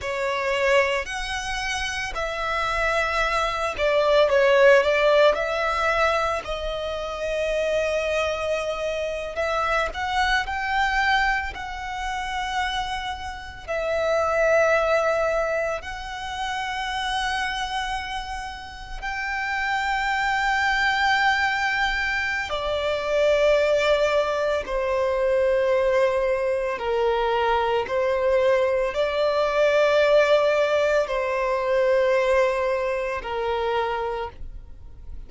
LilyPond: \new Staff \with { instrumentName = "violin" } { \time 4/4 \tempo 4 = 56 cis''4 fis''4 e''4. d''8 | cis''8 d''8 e''4 dis''2~ | dis''8. e''8 fis''8 g''4 fis''4~ fis''16~ | fis''8. e''2 fis''4~ fis''16~ |
fis''4.~ fis''16 g''2~ g''16~ | g''4 d''2 c''4~ | c''4 ais'4 c''4 d''4~ | d''4 c''2 ais'4 | }